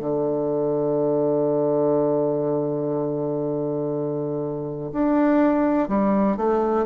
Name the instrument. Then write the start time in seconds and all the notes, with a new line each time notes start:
bassoon
0.00 D3
4.93 D4
5.88 G3
6.37 A3